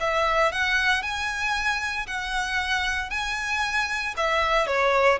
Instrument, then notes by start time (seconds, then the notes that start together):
violin
0.00 E5
0.52 F#5
1.02 G#5
2.06 F#5
3.10 G#5
4.16 E5
4.67 C#5